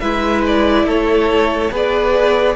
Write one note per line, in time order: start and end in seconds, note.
0.00 0.85 G#3
0.00 1.72 E4
0.00 0.86 B4
0.00 0.42 E5
0.47 0.89 D5
0.85 1.69 A3
0.85 1.71 A4
0.85 1.73 C#5
1.71 2.56 B3
1.71 2.56 G#4
1.71 2.56 B4
1.71 2.56 D5